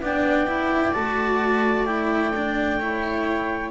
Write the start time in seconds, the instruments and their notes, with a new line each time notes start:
0.00 double bass B3, cello D4, viola D5, clarinet G5
0.47 cello E4
0.93 double bass A3, cello F#4, clarinet A5
1.86 cello E4, clarinet G5
2.36 cello D4
2.80 cello E4, viola C#5